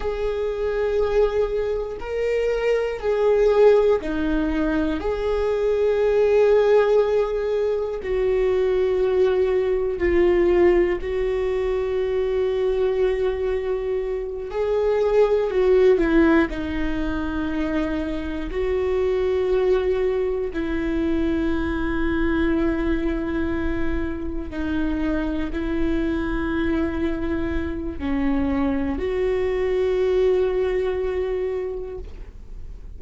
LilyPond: \new Staff \with { instrumentName = "viola" } { \time 4/4 \tempo 4 = 60 gis'2 ais'4 gis'4 | dis'4 gis'2. | fis'2 f'4 fis'4~ | fis'2~ fis'8 gis'4 fis'8 |
e'8 dis'2 fis'4.~ | fis'8 e'2.~ e'8~ | e'8 dis'4 e'2~ e'8 | cis'4 fis'2. | }